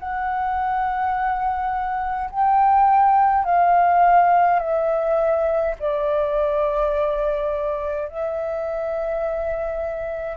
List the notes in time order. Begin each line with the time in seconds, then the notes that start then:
0.00 F#5
2.31 G5
3.45 F5
4.60 E5
5.80 D5
8.09 E5